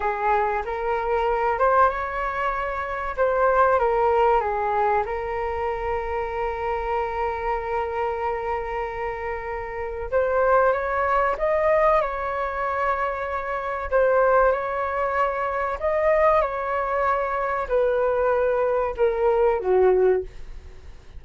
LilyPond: \new Staff \with { instrumentName = "flute" } { \time 4/4 \tempo 4 = 95 gis'4 ais'4. c''8 cis''4~ | cis''4 c''4 ais'4 gis'4 | ais'1~ | ais'1 |
c''4 cis''4 dis''4 cis''4~ | cis''2 c''4 cis''4~ | cis''4 dis''4 cis''2 | b'2 ais'4 fis'4 | }